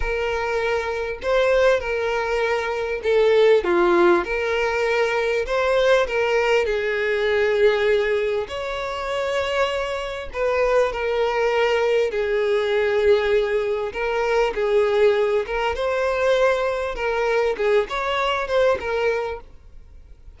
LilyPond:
\new Staff \with { instrumentName = "violin" } { \time 4/4 \tempo 4 = 99 ais'2 c''4 ais'4~ | ais'4 a'4 f'4 ais'4~ | ais'4 c''4 ais'4 gis'4~ | gis'2 cis''2~ |
cis''4 b'4 ais'2 | gis'2. ais'4 | gis'4. ais'8 c''2 | ais'4 gis'8 cis''4 c''8 ais'4 | }